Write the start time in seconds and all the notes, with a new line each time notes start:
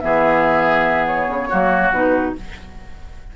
0.00 E3 B3 G#4 E5
1.07 C#5
1.28 C#3
1.49 F#3 A#3 F#4
1.92 B2 D#4 B4